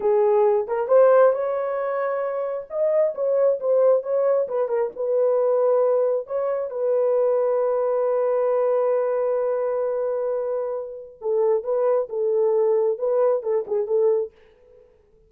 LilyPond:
\new Staff \with { instrumentName = "horn" } { \time 4/4 \tempo 4 = 134 gis'4. ais'8 c''4 cis''4~ | cis''2 dis''4 cis''4 | c''4 cis''4 b'8 ais'8 b'4~ | b'2 cis''4 b'4~ |
b'1~ | b'1~ | b'4 a'4 b'4 a'4~ | a'4 b'4 a'8 gis'8 a'4 | }